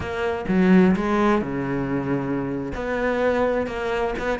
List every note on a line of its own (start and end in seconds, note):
0.00 0.45 A#3
0.48 0.95 F#3
0.95 1.41 G#3
1.41 2.72 C#3
2.74 3.67 B3
3.67 4.14 A#3
4.18 4.39 B3